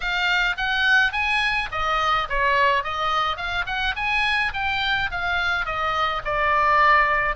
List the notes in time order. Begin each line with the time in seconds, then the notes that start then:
0.00 F5
0.57 F#5
1.12 G#5
1.71 D#5
2.29 C#5
2.83 D#5
3.36 F5
3.66 F#5
3.95 G#5
4.53 G5
5.11 F5
5.65 D#5
6.24 D5